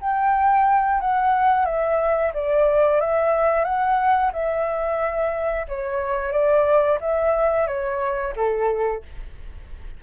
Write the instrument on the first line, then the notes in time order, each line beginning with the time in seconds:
flute
0.00 G5
1.00 F#5
1.65 E5
2.33 D5
3.00 E5
3.64 F#5
4.33 E5
5.68 C#5
6.32 D5
7.00 E5
7.67 C#5
8.36 A4